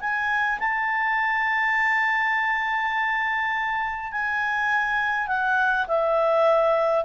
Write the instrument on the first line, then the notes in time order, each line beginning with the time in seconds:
clarinet
0.00 G#5
0.59 A5
4.11 G#5
5.27 F#5
5.87 E5